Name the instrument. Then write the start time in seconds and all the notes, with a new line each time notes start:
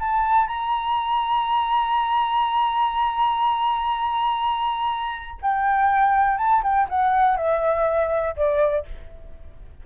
flute
0.00 A5
0.47 A#5
5.42 G5
6.38 A5
6.63 G5
6.89 F#5
7.37 E5
8.37 D5